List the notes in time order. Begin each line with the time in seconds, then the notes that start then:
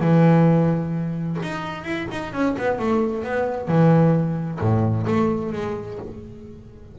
0.00 E3
1.42 D#4
1.84 E4
2.12 D#4
2.33 C#4
2.58 B3
2.79 A3
3.24 B3
3.68 E3
4.60 A2
5.07 A3
5.53 G#3